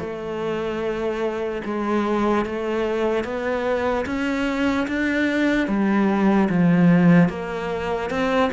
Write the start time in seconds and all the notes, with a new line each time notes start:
0.00 A3
1.65 G#3
2.46 A3
3.24 B3
4.06 C#4
4.88 D4
5.68 G3
6.50 F3
7.29 A#3
8.10 C4